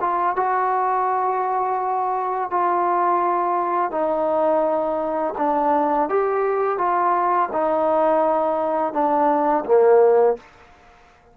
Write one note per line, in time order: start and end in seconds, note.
0.00 0.36 F4
0.36 2.50 F#4
2.50 3.91 F4
3.91 5.34 D#4
5.37 6.09 D4
6.09 6.78 G4
6.78 7.49 F4
7.52 8.93 D#4
8.93 9.64 D4
9.65 10.36 A#3